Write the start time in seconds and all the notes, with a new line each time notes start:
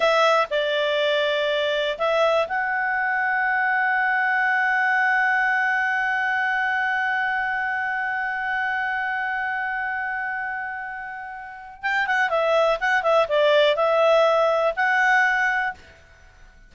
0.00 E5
0.50 D5
1.98 E5
2.48 F#5
11.82 G5
12.06 F#5
12.29 E5
12.80 F#5
13.02 E5
13.28 D5
13.75 E5
14.76 F#5